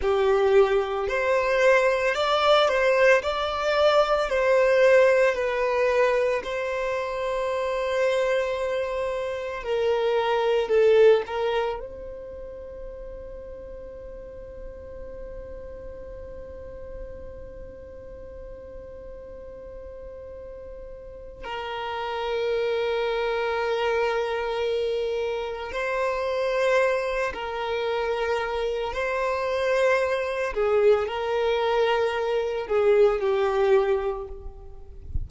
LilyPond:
\new Staff \with { instrumentName = "violin" } { \time 4/4 \tempo 4 = 56 g'4 c''4 d''8 c''8 d''4 | c''4 b'4 c''2~ | c''4 ais'4 a'8 ais'8 c''4~ | c''1~ |
c''1 | ais'1 | c''4. ais'4. c''4~ | c''8 gis'8 ais'4. gis'8 g'4 | }